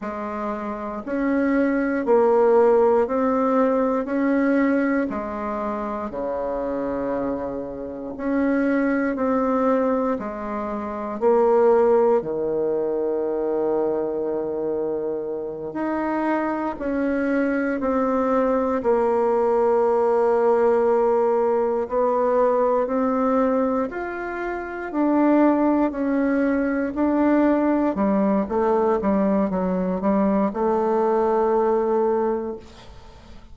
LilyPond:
\new Staff \with { instrumentName = "bassoon" } { \time 4/4 \tempo 4 = 59 gis4 cis'4 ais4 c'4 | cis'4 gis4 cis2 | cis'4 c'4 gis4 ais4 | dis2.~ dis8 dis'8~ |
dis'8 cis'4 c'4 ais4.~ | ais4. b4 c'4 f'8~ | f'8 d'4 cis'4 d'4 g8 | a8 g8 fis8 g8 a2 | }